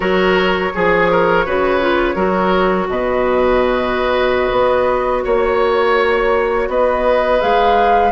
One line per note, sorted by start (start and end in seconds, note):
0.00 0.72 F#3
0.00 0.71 F#4
0.00 0.72 A#4
0.00 2.87 C#5
0.73 1.46 F3
0.73 1.45 G#4
0.73 1.11 G#4
1.11 1.45 A#4
1.45 2.15 C#3
1.45 1.80 F#4
1.45 2.15 B4
1.80 2.14 F4
2.14 2.87 F#3
2.14 7.39 F#4
2.14 2.87 A#4
2.88 4.50 B2
2.88 5.23 B4
2.88 5.24 D#5
4.51 5.24 B3
5.23 6.68 A#3
5.23 6.68 C#5
5.23 6.69 C#5
6.68 7.40 B3
6.68 8.11 B4
6.68 7.40 D#5
7.40 8.11 G#3
7.40 8.11 G#4
7.40 8.11 F5